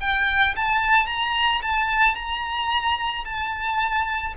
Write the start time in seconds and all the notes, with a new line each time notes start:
0.00 G5
0.56 A5
1.06 A#5
1.62 A5
2.15 A#5
3.25 A5